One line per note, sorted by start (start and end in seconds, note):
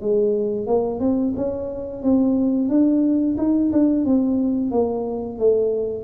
0.00 0.66 G#3
0.66 1.00 A#3
1.00 1.33 C4
1.36 2.02 C#4
2.02 2.68 C4
2.68 3.36 D4
3.37 3.71 D#4
3.72 4.04 D4
4.04 4.71 C4
4.71 5.38 A#3
5.38 6.04 A3